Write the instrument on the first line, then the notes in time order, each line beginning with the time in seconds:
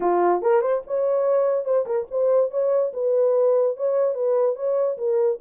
horn
0.00 F4
0.42 A#4
0.61 C5
0.86 C#5
1.65 C5
1.85 A#4
2.11 C5
2.50 C#5
2.93 B4
3.76 C#5
4.14 B4
4.55 C#5
4.97 A#4